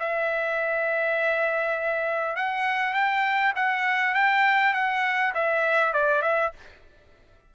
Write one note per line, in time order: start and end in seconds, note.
0.00 2.36 E5
2.36 2.94 F#5
2.94 3.53 G5
3.56 4.15 F#5
4.15 4.74 G5
4.74 5.33 F#5
5.35 5.94 E5
5.94 6.22 D5
6.22 6.52 E5